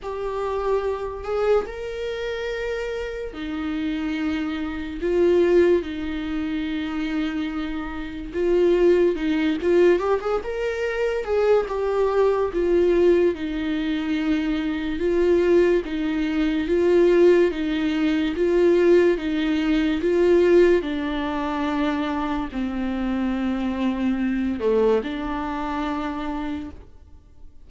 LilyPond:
\new Staff \with { instrumentName = "viola" } { \time 4/4 \tempo 4 = 72 g'4. gis'8 ais'2 | dis'2 f'4 dis'4~ | dis'2 f'4 dis'8 f'8 | g'16 gis'16 ais'4 gis'8 g'4 f'4 |
dis'2 f'4 dis'4 | f'4 dis'4 f'4 dis'4 | f'4 d'2 c'4~ | c'4. a8 d'2 | }